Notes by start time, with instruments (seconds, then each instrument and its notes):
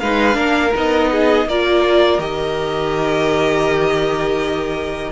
0.00 cello G#3, viola D#4, violin B4 F5
0.33 cello A#3, viola D4, violin A#4
0.74 cello B3, viola D#4, violin D#5
1.11 violin G#4
1.46 cello A#3, viola F4, violin A#4 D5
2.19 cello D#3, viola G4, violin D#5